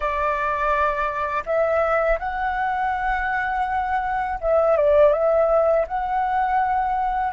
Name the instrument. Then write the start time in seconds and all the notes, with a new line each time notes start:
flute
0.00 D5
1.45 E5
2.19 F#5
4.40 E5
4.77 D5
5.12 E5
5.87 F#5